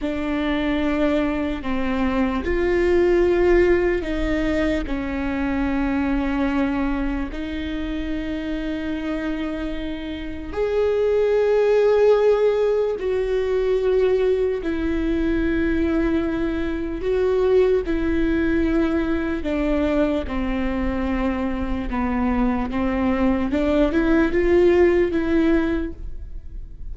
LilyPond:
\new Staff \with { instrumentName = "viola" } { \time 4/4 \tempo 4 = 74 d'2 c'4 f'4~ | f'4 dis'4 cis'2~ | cis'4 dis'2.~ | dis'4 gis'2. |
fis'2 e'2~ | e'4 fis'4 e'2 | d'4 c'2 b4 | c'4 d'8 e'8 f'4 e'4 | }